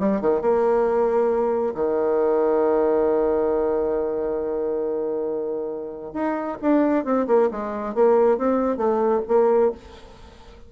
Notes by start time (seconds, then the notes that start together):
0.00 G3
0.21 D#3
0.42 A#3
1.75 D#3
6.14 D#4
6.62 D4
7.05 C4
7.28 A#3
7.51 G#3
7.95 A#3
8.38 C4
8.77 A3
9.28 A#3